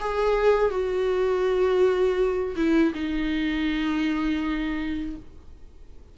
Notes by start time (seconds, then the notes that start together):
0.00 G#4
0.70 F#4
2.56 E4
2.94 D#4